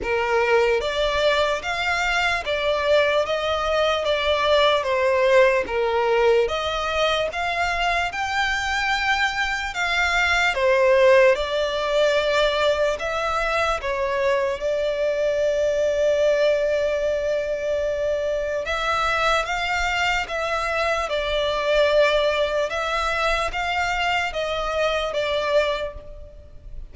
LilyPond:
\new Staff \with { instrumentName = "violin" } { \time 4/4 \tempo 4 = 74 ais'4 d''4 f''4 d''4 | dis''4 d''4 c''4 ais'4 | dis''4 f''4 g''2 | f''4 c''4 d''2 |
e''4 cis''4 d''2~ | d''2. e''4 | f''4 e''4 d''2 | e''4 f''4 dis''4 d''4 | }